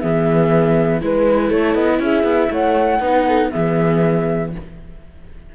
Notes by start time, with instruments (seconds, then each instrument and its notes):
0.00 cello E3, viola B3, horn G#4, flute E5
1.01 cello G#3, viola E4, flute B4, horn B4
1.47 cello A3, horn A4, flute C#5
1.75 cello B3, flute D#5
1.99 cello C#4, horn G#4, flute E5
2.24 cello B3
2.50 cello A3, horn C#5, flute F#5
2.99 cello B3, viola D#4, horn B4
3.27 horn A4
3.51 cello E3, viola B3, horn G#4, flute E5